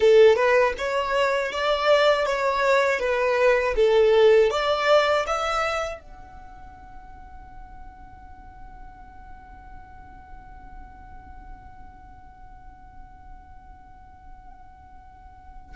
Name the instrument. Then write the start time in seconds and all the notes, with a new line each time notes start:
violin
0.00 A4
0.36 B4
0.77 C#5
1.52 D5
2.26 C#5
2.99 B4
3.76 A4
4.50 D5
5.26 E5
6.00 F#5